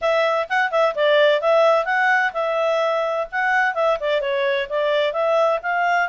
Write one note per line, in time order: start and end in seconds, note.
0.01 0.48 E5
0.49 0.71 F#5
0.71 0.94 E5
0.95 1.41 D5
1.41 1.85 E5
1.85 2.32 F#5
2.33 3.27 E5
3.31 3.74 F#5
3.74 3.98 E5
4.00 4.20 D5
4.20 4.67 C#5
4.69 5.12 D5
5.12 5.59 E5
5.62 6.09 F5